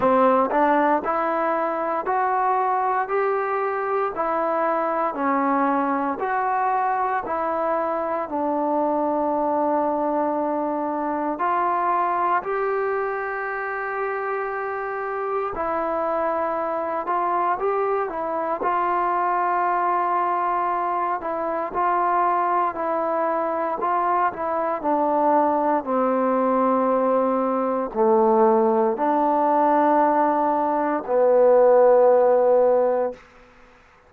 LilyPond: \new Staff \with { instrumentName = "trombone" } { \time 4/4 \tempo 4 = 58 c'8 d'8 e'4 fis'4 g'4 | e'4 cis'4 fis'4 e'4 | d'2. f'4 | g'2. e'4~ |
e'8 f'8 g'8 e'8 f'2~ | f'8 e'8 f'4 e'4 f'8 e'8 | d'4 c'2 a4 | d'2 b2 | }